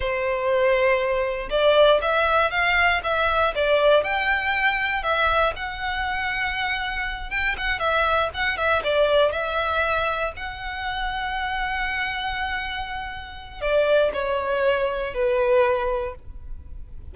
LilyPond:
\new Staff \with { instrumentName = "violin" } { \time 4/4 \tempo 4 = 119 c''2. d''4 | e''4 f''4 e''4 d''4 | g''2 e''4 fis''4~ | fis''2~ fis''8 g''8 fis''8 e''8~ |
e''8 fis''8 e''8 d''4 e''4.~ | e''8 fis''2.~ fis''8~ | fis''2. d''4 | cis''2 b'2 | }